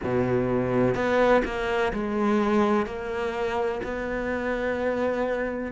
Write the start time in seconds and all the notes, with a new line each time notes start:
0.03 B2
0.94 B3
1.44 A#3
1.92 G#3
2.86 A#3
3.83 B3